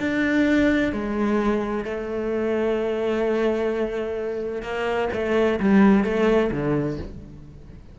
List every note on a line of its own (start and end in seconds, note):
0.00 0.93 D4
0.93 1.85 G#3
1.85 4.63 A3
4.63 5.09 A#3
5.13 5.60 A3
5.60 6.04 G3
6.04 6.51 A3
6.52 6.98 D3